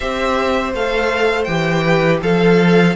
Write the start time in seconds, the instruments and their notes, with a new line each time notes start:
0.00 cello C4, viola G4, violin C5 E5
0.73 cello A3, viola A4, violin F5
1.44 cello E3, viola G4, violin G5
1.83 violin B4
2.21 cello F3, viola A4, violin A4 F5